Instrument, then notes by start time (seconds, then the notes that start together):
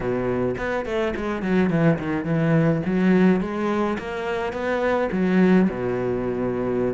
cello
0.00 B2
0.57 B3
0.85 A3
1.16 G#3
1.42 F#3
1.70 E3
1.99 D#3
2.24 E3
2.85 F#3
3.40 G#3
3.98 A#3
4.52 B3
5.12 F#3
5.69 B2